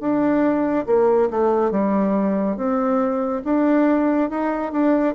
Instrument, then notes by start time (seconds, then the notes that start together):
bassoon
0.00 D4
0.86 A#3
1.31 A3
1.71 G3
2.57 C4
3.44 D4
4.30 D#4
4.72 D4